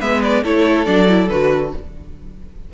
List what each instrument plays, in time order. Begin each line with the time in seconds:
0.00 cello G#3, viola B3, violin B4 E5
0.22 violin D5
0.43 cello A3, viola E4, violin A4 C#5
0.85 cello F#3, viola D4, violin D5
1.08 viola E4
1.29 cello D3, viola F#4, violin B4